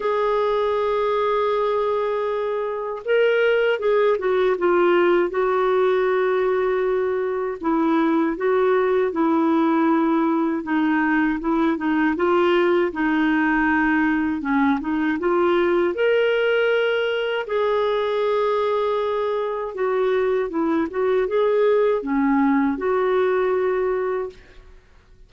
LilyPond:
\new Staff \with { instrumentName = "clarinet" } { \time 4/4 \tempo 4 = 79 gis'1 | ais'4 gis'8 fis'8 f'4 fis'4~ | fis'2 e'4 fis'4 | e'2 dis'4 e'8 dis'8 |
f'4 dis'2 cis'8 dis'8 | f'4 ais'2 gis'4~ | gis'2 fis'4 e'8 fis'8 | gis'4 cis'4 fis'2 | }